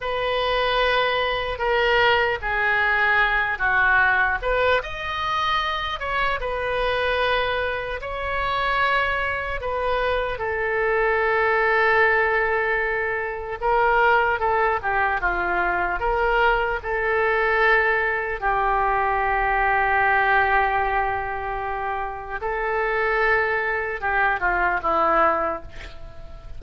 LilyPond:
\new Staff \with { instrumentName = "oboe" } { \time 4/4 \tempo 4 = 75 b'2 ais'4 gis'4~ | gis'8 fis'4 b'8 dis''4. cis''8 | b'2 cis''2 | b'4 a'2.~ |
a'4 ais'4 a'8 g'8 f'4 | ais'4 a'2 g'4~ | g'1 | a'2 g'8 f'8 e'4 | }